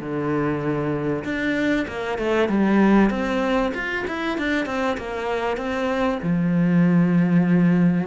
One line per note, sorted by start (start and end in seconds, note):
0.00 1.24 D3
1.24 1.86 D4
1.88 2.18 A#3
2.18 2.49 A3
2.49 3.10 G3
3.10 3.72 C4
3.74 4.05 F4
4.07 4.38 E4
4.38 4.66 D4
4.66 4.97 C4
4.97 5.57 A#3
5.57 6.19 C4
6.22 8.07 F3